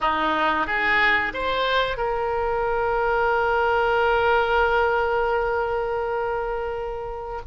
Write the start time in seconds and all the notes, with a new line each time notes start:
0.01 D#4
0.67 G#4
1.33 C5
1.97 A#4